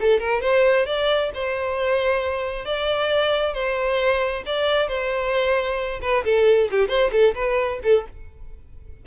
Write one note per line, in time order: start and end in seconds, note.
0.00 0.19 A4
0.19 0.41 A#4
0.41 0.86 C5
0.86 1.31 D5
1.34 2.65 C5
2.65 3.54 D5
3.54 4.43 C5
4.46 4.88 D5
4.88 6.00 C5
6.02 6.24 B4
6.24 6.69 A4
6.71 6.88 G4
6.88 7.11 C5
7.12 7.34 A4
7.35 7.80 B4
7.83 8.06 A4